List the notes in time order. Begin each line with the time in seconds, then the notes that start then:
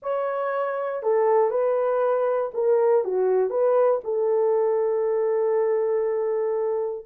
0.02 C#5
1.02 A4
1.50 B4
2.53 A#4
3.04 F#4
3.50 B4
4.04 A4